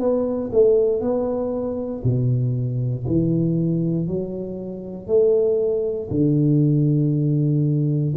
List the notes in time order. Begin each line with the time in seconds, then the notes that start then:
0.00 B3
0.53 A3
1.01 B3
2.04 B2
3.07 E3
4.07 F#3
5.07 A3
6.11 D3